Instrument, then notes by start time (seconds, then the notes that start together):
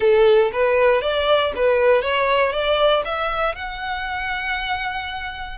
violin
0.00 A4
0.52 B4
1.01 D5
1.55 B4
2.02 C#5
2.52 D5
3.04 E5
3.55 F#5